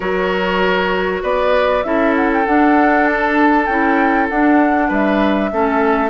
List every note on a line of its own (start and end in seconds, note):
0.00 1.22 F#3
0.00 1.83 F#4
0.00 1.22 A#4
0.00 1.22 C#5
1.22 1.84 B3
1.22 1.84 B4
1.22 1.83 D5
1.83 2.45 C#4
1.83 2.45 E4
1.83 4.88 A4
1.83 2.14 E5
2.15 2.30 F#5
2.33 2.46 G5
2.45 3.68 D4
2.45 3.67 D4
2.45 3.06 F#5
3.06 3.65 A5
3.65 4.29 C#4
3.65 4.30 E4
3.65 4.27 G5
4.29 4.90 D4
4.29 5.51 D4
4.29 4.90 F#5
4.88 5.51 G3
4.88 5.49 B4
4.88 6.09 E5
5.51 6.09 A3
5.51 6.09 C#4
5.51 6.09 A4